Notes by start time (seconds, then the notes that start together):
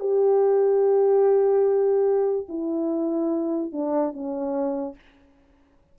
0.00 G4
2.49 E4
3.72 D4
4.13 C#4